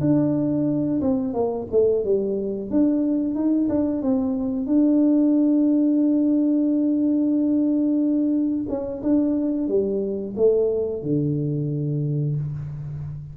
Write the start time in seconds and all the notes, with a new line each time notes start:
0.00 D4
1.01 C4
1.34 A#3
1.71 A3
2.04 G3
2.70 D4
3.34 D#4
3.69 D4
4.02 C4
4.66 D4
8.68 C#4
9.02 D4
9.68 G3
10.36 A3
11.02 D3